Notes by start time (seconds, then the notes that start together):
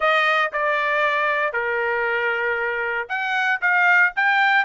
0.00 D#5
0.52 D5
1.53 A#4
3.08 F#5
3.61 F5
4.16 G5